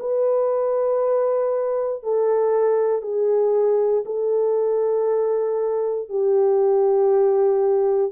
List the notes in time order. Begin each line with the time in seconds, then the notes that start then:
0.00 B4
2.03 A4
3.02 G#4
4.06 A4
6.09 G4